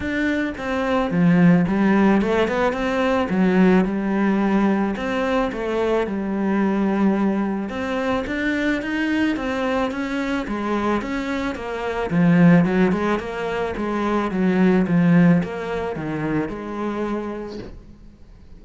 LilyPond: \new Staff \with { instrumentName = "cello" } { \time 4/4 \tempo 4 = 109 d'4 c'4 f4 g4 | a8 b8 c'4 fis4 g4~ | g4 c'4 a4 g4~ | g2 c'4 d'4 |
dis'4 c'4 cis'4 gis4 | cis'4 ais4 f4 fis8 gis8 | ais4 gis4 fis4 f4 | ais4 dis4 gis2 | }